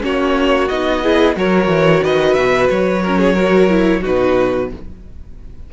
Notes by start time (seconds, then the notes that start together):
0.00 A#3 C#4 F#4 C#5
0.68 B3 D#4 D#5
1.02 E4 G#4
1.35 F#3 F#4 A#4 C#5
1.67 E3
2.02 D#3 B4 D#5
2.34 B2 E5
2.70 F#3 C#5
3.02 C#4 A#4
3.18 G#4
3.33 F#4 A#4
3.69 E4
4.01 B2 D#4 F#4 B4